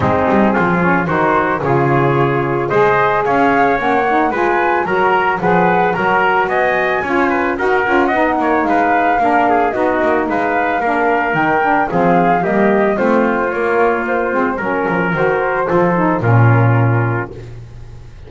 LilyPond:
<<
  \new Staff \with { instrumentName = "flute" } { \time 4/4 \tempo 4 = 111 gis'2 c''4 cis''4~ | cis''4 dis''4 f''4 fis''4 | gis''4 ais''4 fis''4 ais''4 | gis''2 fis''2 |
f''2 dis''4 f''4~ | f''4 g''4 f''4 dis''4 | c''4 cis''4 c''4 ais'4 | c''2 ais'2 | }
  \new Staff \with { instrumentName = "trumpet" } { \time 4/4 dis'4 f'4 fis'4 gis'4~ | gis'4 c''4 cis''2 | b'4 ais'4 b'4 ais'4 | dis''4 cis''8 b'8 ais'4 dis''8 cis''8 |
b'4 ais'8 gis'8 fis'4 b'4 | ais'2 gis'4 g'4 | f'2. ais'4~ | ais'4 a'4 f'2 | }
  \new Staff \with { instrumentName = "saxophone" } { \time 4/4 c'4. cis'8 dis'4 f'4~ | f'4 gis'2 cis'8 dis'8 | f'4 fis'4 gis'4 fis'4~ | fis'4 f'4 fis'8 f'8 dis'4~ |
dis'4 d'4 dis'2 | d'4 dis'8 d'8 c'4 ais4 | c'4 ais4. c'8 cis'4 | fis'4 f'8 dis'8 cis'2 | }
  \new Staff \with { instrumentName = "double bass" } { \time 4/4 gis8 g8 f4 dis4 cis4~ | cis4 gis4 cis'4 ais4 | gis4 fis4 f4 fis4 | b4 cis'4 dis'8 cis'8 b8 ais8 |
gis4 ais4 b8 ais8 gis4 | ais4 dis4 f4 g4 | a4 ais4. gis8 fis8 f8 | dis4 f4 ais,2 | }
>>